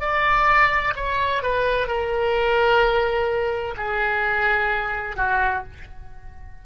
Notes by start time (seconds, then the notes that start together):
0.00 D5
0.96 C#5
1.42 B4
1.87 A#4
3.77 G#4
5.16 F#4